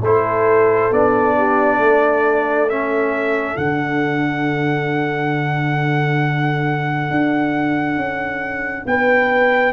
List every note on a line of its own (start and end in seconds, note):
0.00 0.88 A3
0.00 0.92 E4
0.00 1.37 A4
0.00 0.93 C5
0.91 1.78 B3
0.91 2.69 D4
0.91 2.69 D5
1.37 1.76 G4
1.76 3.55 A3
1.76 8.82 A4
2.69 3.57 C#4
2.69 3.57 E5
3.57 7.10 D3
3.57 9.73 D4
3.57 8.86 F#5
7.10 7.96 D4
7.96 8.84 C#4
8.86 9.73 B3
8.86 9.73 B4
8.86 9.73 G5